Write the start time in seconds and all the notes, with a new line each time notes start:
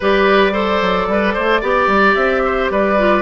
0.00 G3 G4 B4 D5
0.52 A4 C5
0.81 F#3
1.07 G3 B4
1.33 A3 C5
1.60 B3 G4 D5
1.87 G3
2.14 C4 E5
2.45 C5
2.70 G3 B4 D5
2.98 F4